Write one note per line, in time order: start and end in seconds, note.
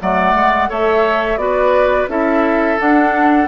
0.00 0.35 F#3
0.00 0.69 A3
0.00 0.70 D5
0.00 0.71 F#5
0.35 0.69 G#3
0.69 1.37 A3
0.69 1.38 A4
0.69 1.39 C#5
0.69 1.38 E5
1.37 2.07 B3
1.37 2.08 F#4
1.37 2.11 B4
1.37 2.08 D5
2.09 2.78 C#4
2.09 2.78 E4
2.09 3.48 A4
2.09 2.80 E5
2.78 3.48 D4
2.78 3.48 F#5